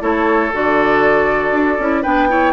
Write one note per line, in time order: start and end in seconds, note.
0.00 0.51 A3
0.00 0.50 E4
0.00 2.02 A4
0.00 0.52 C#5
0.53 1.51 D3
0.53 1.79 F#4
0.53 2.03 D5
1.51 1.76 D4
1.79 2.04 C#4
1.79 2.03 E4
2.02 2.53 B3
2.02 2.28 D4
2.02 2.27 B4
2.02 2.53 G5
2.28 2.53 E4
2.28 2.53 C#5